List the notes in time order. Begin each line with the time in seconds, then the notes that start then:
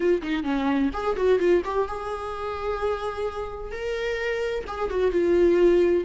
0.00 F4
0.22 D#4
0.43 C#4
0.93 G#4
1.16 F#4
1.39 F4
1.64 G4
1.87 G#4
3.71 A#4
4.67 G#4
4.90 F#4
5.11 F4